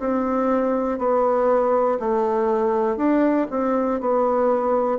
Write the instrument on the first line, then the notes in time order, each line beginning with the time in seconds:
bassoon
0.00 C4
0.99 B3
2.00 A3
2.97 D4
3.50 C4
4.00 B3